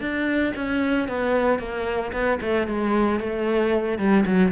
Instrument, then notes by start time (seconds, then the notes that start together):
cello
0.00 D4
0.55 C#4
1.08 B3
1.58 A#3
2.12 B3
2.41 A3
2.67 G#3
3.19 A3
3.98 G3
4.25 F#3